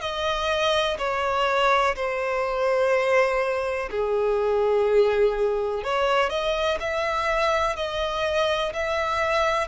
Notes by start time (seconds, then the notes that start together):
0.00 D#5
0.98 C#5
1.95 C5
3.91 G#4
5.83 C#5
6.29 D#5
6.80 E5
7.76 D#5
8.73 E5